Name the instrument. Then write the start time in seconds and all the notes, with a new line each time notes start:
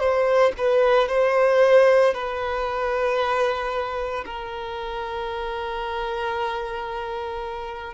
violin
0.00 C5
0.58 B4
1.09 C5
2.14 B4
4.26 A#4